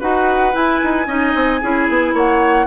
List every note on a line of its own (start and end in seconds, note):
0.00 0.54 D#4
0.00 0.52 F#4
0.00 1.07 B4
0.00 0.55 F#5
0.52 1.06 E4
0.52 0.81 E4
0.52 2.16 G#5
0.83 1.07 D#4
1.07 1.34 C#4
1.07 1.61 D#4
1.07 1.61 D#5
1.35 1.62 C4
1.61 1.89 C#4
1.61 2.66 E4
1.61 2.15 G#4
1.89 2.13 B3
2.13 2.66 A#3
2.13 2.66 C#5
2.13 2.66 F#5